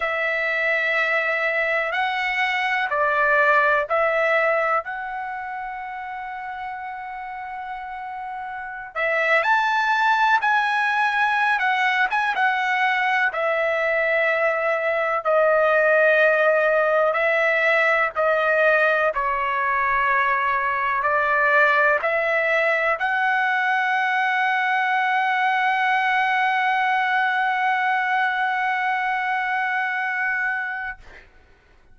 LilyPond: \new Staff \with { instrumentName = "trumpet" } { \time 4/4 \tempo 4 = 62 e''2 fis''4 d''4 | e''4 fis''2.~ | fis''4~ fis''16 e''8 a''4 gis''4~ gis''16 | fis''8 gis''16 fis''4 e''2 dis''16~ |
dis''4.~ dis''16 e''4 dis''4 cis''16~ | cis''4.~ cis''16 d''4 e''4 fis''16~ | fis''1~ | fis''1 | }